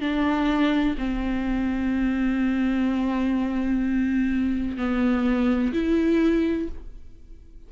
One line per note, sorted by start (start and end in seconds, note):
0.00 0.95 D4
0.98 4.77 C4
4.77 5.72 B3
5.73 6.68 E4